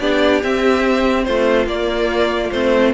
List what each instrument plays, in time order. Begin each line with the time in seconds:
0.00 cello B3, viola D4, violin G4 D5
0.42 viola C4, cello C4, violin E5
1.24 cello A3, violin F4 C5
1.67 cello A#3, viola A#3, violin D5
2.51 cello A3, viola C4, violin C5